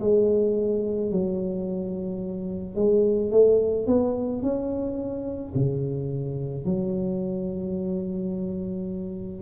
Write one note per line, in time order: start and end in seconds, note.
0.00 1.11 G#3
1.11 2.75 F#3
2.75 3.31 G#3
3.31 3.86 A3
3.86 4.42 B3
4.42 5.53 C#4
5.55 6.65 C#3
6.65 9.42 F#3